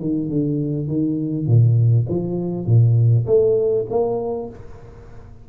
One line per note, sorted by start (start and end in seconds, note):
0.00 0.29 D#3
0.29 0.88 D3
0.88 1.47 D#3
1.47 2.07 A#2
2.09 2.67 F3
2.67 3.26 A#2
3.27 3.86 A3
3.90 4.50 A#3